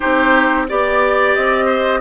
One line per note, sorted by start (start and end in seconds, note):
0.00 0.70 C4
0.00 0.67 D#4
0.00 0.67 G4
0.00 0.64 C5
0.68 1.36 B3
0.68 2.01 G4
0.68 1.65 D5
0.68 1.34 D5
1.34 2.01 C4
1.34 2.01 D#5
1.65 1.99 C5